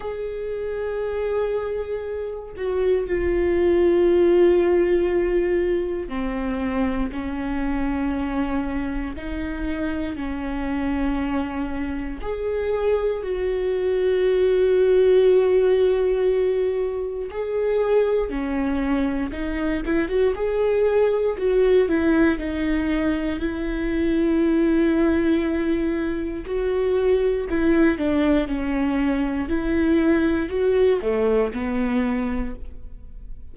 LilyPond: \new Staff \with { instrumentName = "viola" } { \time 4/4 \tempo 4 = 59 gis'2~ gis'8 fis'8 f'4~ | f'2 c'4 cis'4~ | cis'4 dis'4 cis'2 | gis'4 fis'2.~ |
fis'4 gis'4 cis'4 dis'8 e'16 fis'16 | gis'4 fis'8 e'8 dis'4 e'4~ | e'2 fis'4 e'8 d'8 | cis'4 e'4 fis'8 a8 b4 | }